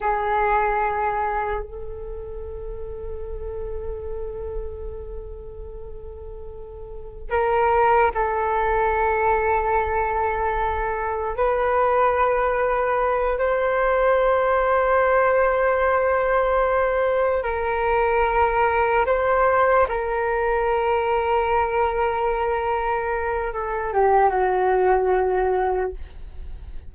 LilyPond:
\new Staff \with { instrumentName = "flute" } { \time 4/4 \tempo 4 = 74 gis'2 a'2~ | a'1~ | a'4 ais'4 a'2~ | a'2 b'2~ |
b'8 c''2.~ c''8~ | c''4. ais'2 c''8~ | c''8 ais'2.~ ais'8~ | ais'4 a'8 g'8 fis'2 | }